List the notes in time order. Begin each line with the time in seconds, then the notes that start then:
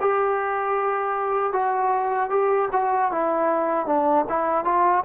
0.00 G4
1.53 F#4
2.30 G4
2.72 F#4
3.12 E4
3.86 D4
4.29 E4
4.65 F4